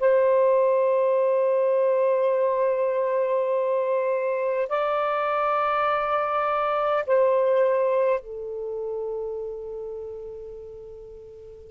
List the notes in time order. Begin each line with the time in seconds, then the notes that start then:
0.00 C5
4.69 D5
7.06 C5
8.20 A4